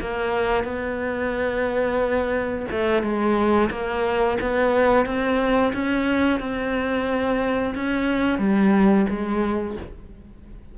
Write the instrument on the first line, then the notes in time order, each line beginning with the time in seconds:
cello
0.00 A#3
0.63 B3
2.70 A3
3.02 G#3
3.70 A#3
4.40 B3
5.05 C4
5.73 C#4
6.40 C4
7.74 C#4
8.38 G3
9.09 G#3